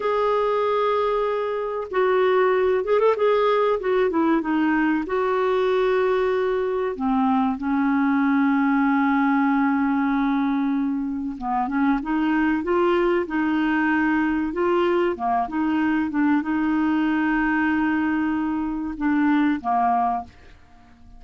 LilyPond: \new Staff \with { instrumentName = "clarinet" } { \time 4/4 \tempo 4 = 95 gis'2. fis'4~ | fis'8 gis'16 a'16 gis'4 fis'8 e'8 dis'4 | fis'2. c'4 | cis'1~ |
cis'2 b8 cis'8 dis'4 | f'4 dis'2 f'4 | ais8 dis'4 d'8 dis'2~ | dis'2 d'4 ais4 | }